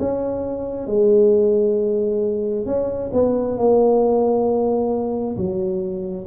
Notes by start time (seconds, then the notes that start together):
0.00 C#4
0.87 G#3
2.66 C#4
3.13 B3
3.58 A#3
5.37 F#3